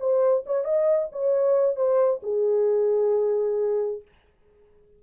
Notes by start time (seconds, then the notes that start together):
0.00 C5
0.47 C#5
0.65 D#5
1.13 C#5
1.77 C5
2.23 G#4